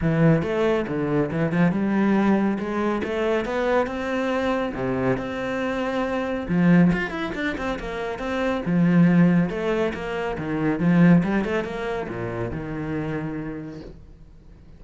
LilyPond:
\new Staff \with { instrumentName = "cello" } { \time 4/4 \tempo 4 = 139 e4 a4 d4 e8 f8 | g2 gis4 a4 | b4 c'2 c4 | c'2. f4 |
f'8 e'8 d'8 c'8 ais4 c'4 | f2 a4 ais4 | dis4 f4 g8 a8 ais4 | ais,4 dis2. | }